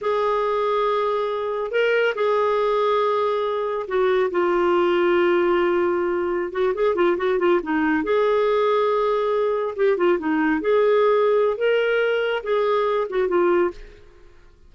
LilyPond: \new Staff \with { instrumentName = "clarinet" } { \time 4/4 \tempo 4 = 140 gis'1 | ais'4 gis'2.~ | gis'4 fis'4 f'2~ | f'2.~ f'16 fis'8 gis'16~ |
gis'16 f'8 fis'8 f'8 dis'4 gis'4~ gis'16~ | gis'2~ gis'8. g'8 f'8 dis'16~ | dis'8. gis'2~ gis'16 ais'4~ | ais'4 gis'4. fis'8 f'4 | }